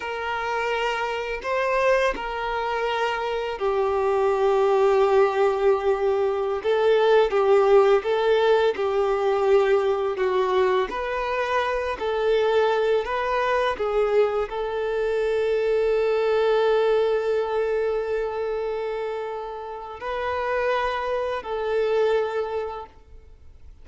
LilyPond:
\new Staff \with { instrumentName = "violin" } { \time 4/4 \tempo 4 = 84 ais'2 c''4 ais'4~ | ais'4 g'2.~ | g'4~ g'16 a'4 g'4 a'8.~ | a'16 g'2 fis'4 b'8.~ |
b'8. a'4. b'4 gis'8.~ | gis'16 a'2.~ a'8.~ | a'1 | b'2 a'2 | }